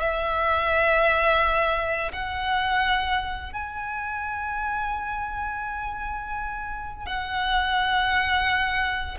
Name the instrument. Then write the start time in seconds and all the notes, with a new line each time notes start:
violin
0.00 E5
2.12 F#5
3.53 G#5
7.06 F#5